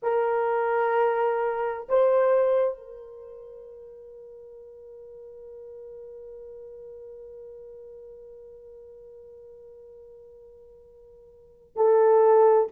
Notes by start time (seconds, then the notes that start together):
0.02 A#4
1.88 C5
2.77 A#4
11.76 A4